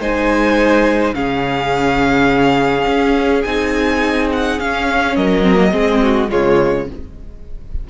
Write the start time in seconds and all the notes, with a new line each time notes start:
0.00 G#3 D#4 C5 G#5
1.15 C#3 C#4 G#4 F5
2.87 C#4
3.43 C4 D#4 G#5
4.33 F#5
4.60 C#4 F5
5.17 F#3 A#4 D#5
5.43 C4
5.55 A#3
5.72 G#3 C4 G#4
6.02 F#4
6.29 C#3 G#3 F4 C#5